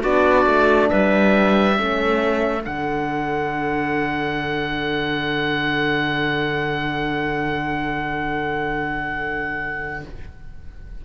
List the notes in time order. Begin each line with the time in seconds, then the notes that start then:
0.00 B3 D4 F#4 D5
0.46 A3
0.89 G3 B4 E5
1.76 A3 C#4 A4
2.62 D3 D4 F#5